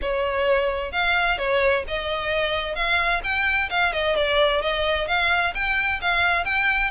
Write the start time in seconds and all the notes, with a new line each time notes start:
0.01 C#5
0.91 F5
1.38 C#5
1.87 D#5
2.75 F5
3.23 G5
3.69 F5
3.92 D#5
4.16 D5
4.61 D#5
5.07 F5
5.54 G5
6.01 F5
6.44 G5